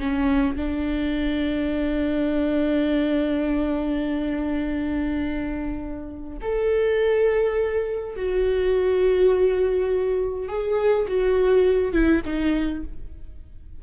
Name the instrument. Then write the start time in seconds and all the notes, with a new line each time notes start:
viola
0.00 C#4
0.56 D4
6.42 A4
8.17 F#4
10.49 G#4
11.08 F#4
11.93 E4
12.26 D#4